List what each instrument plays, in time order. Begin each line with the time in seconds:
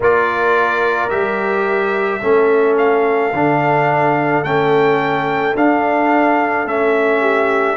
0.00 tuba A#3, trombone F4, horn A#4, trumpet D5
1.09 tuba G3, trombone G4, trumpet E5
2.22 tuba A3, trombone C#4, horn A4
2.77 trumpet F5
3.33 tuba D3, trombone D4
4.43 tuba A3, trombone C#4, trumpet G5
5.54 tuba D4, trombone D4, trumpet F5
6.65 tuba A3, trombone C#4, trumpet E5
7.20 horn G4